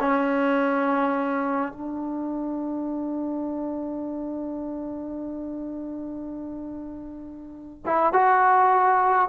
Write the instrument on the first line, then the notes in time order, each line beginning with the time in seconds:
trombone
0.00 C#4
1.72 D4
7.86 E4
8.13 F#4